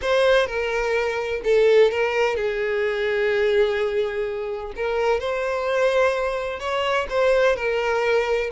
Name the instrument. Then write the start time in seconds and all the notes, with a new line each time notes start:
violin
0.01 C5
0.47 A#4
1.43 A4
1.91 A#4
2.36 G#4
4.76 A#4
5.19 C5
6.59 C#5
7.09 C5
7.56 A#4